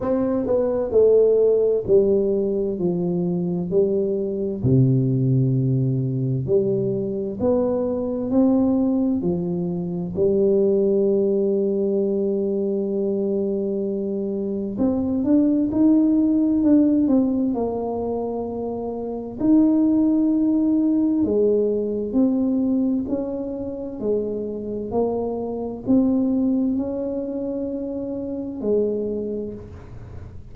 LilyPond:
\new Staff \with { instrumentName = "tuba" } { \time 4/4 \tempo 4 = 65 c'8 b8 a4 g4 f4 | g4 c2 g4 | b4 c'4 f4 g4~ | g1 |
c'8 d'8 dis'4 d'8 c'8 ais4~ | ais4 dis'2 gis4 | c'4 cis'4 gis4 ais4 | c'4 cis'2 gis4 | }